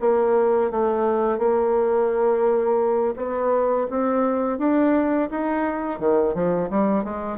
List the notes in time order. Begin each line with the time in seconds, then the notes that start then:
0.00 A#3
0.71 A3
1.38 A#3
3.16 B3
3.90 C4
4.58 D4
5.30 D#4
5.99 D#3
6.34 F3
6.70 G3
7.04 G#3